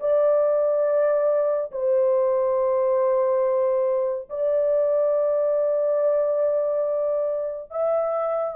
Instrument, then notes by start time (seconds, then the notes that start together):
horn
0.00 D5
1.72 C5
4.30 D5
7.71 E5